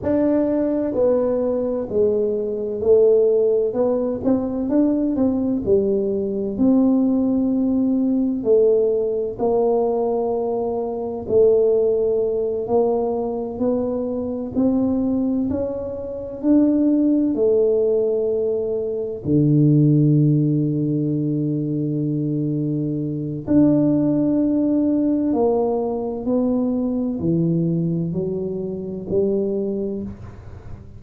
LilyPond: \new Staff \with { instrumentName = "tuba" } { \time 4/4 \tempo 4 = 64 d'4 b4 gis4 a4 | b8 c'8 d'8 c'8 g4 c'4~ | c'4 a4 ais2 | a4. ais4 b4 c'8~ |
c'8 cis'4 d'4 a4.~ | a8 d2.~ d8~ | d4 d'2 ais4 | b4 e4 fis4 g4 | }